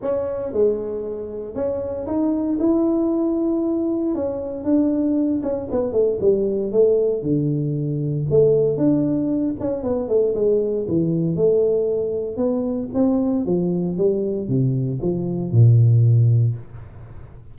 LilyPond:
\new Staff \with { instrumentName = "tuba" } { \time 4/4 \tempo 4 = 116 cis'4 gis2 cis'4 | dis'4 e'2. | cis'4 d'4. cis'8 b8 a8 | g4 a4 d2 |
a4 d'4. cis'8 b8 a8 | gis4 e4 a2 | b4 c'4 f4 g4 | c4 f4 ais,2 | }